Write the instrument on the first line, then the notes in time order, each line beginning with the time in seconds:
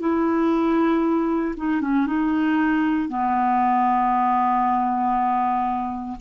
clarinet
0.00 E4
1.57 D#4
1.82 C#4
2.06 D#4
3.09 B3